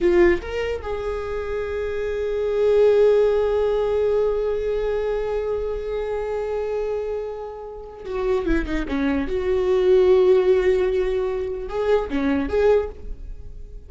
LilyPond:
\new Staff \with { instrumentName = "viola" } { \time 4/4 \tempo 4 = 149 f'4 ais'4 gis'2~ | gis'1~ | gis'1~ | gis'1~ |
gis'1 | fis'4 e'8 dis'8 cis'4 fis'4~ | fis'1~ | fis'4 gis'4 cis'4 gis'4 | }